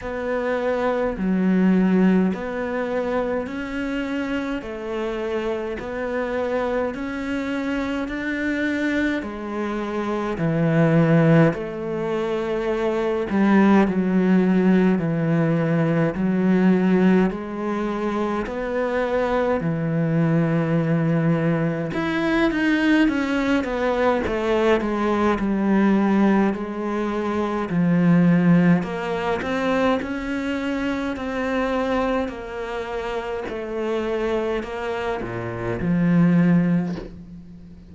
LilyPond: \new Staff \with { instrumentName = "cello" } { \time 4/4 \tempo 4 = 52 b4 fis4 b4 cis'4 | a4 b4 cis'4 d'4 | gis4 e4 a4. g8 | fis4 e4 fis4 gis4 |
b4 e2 e'8 dis'8 | cis'8 b8 a8 gis8 g4 gis4 | f4 ais8 c'8 cis'4 c'4 | ais4 a4 ais8 ais,8 f4 | }